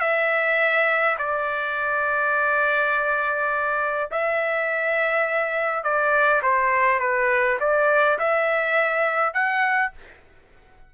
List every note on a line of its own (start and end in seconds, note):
0.00 1.17 E5
1.18 4.10 D5
4.11 5.83 E5
5.83 6.42 D5
6.42 7.00 C5
7.00 7.58 B4
7.60 8.18 D5
8.19 9.34 E5
9.34 9.92 F#5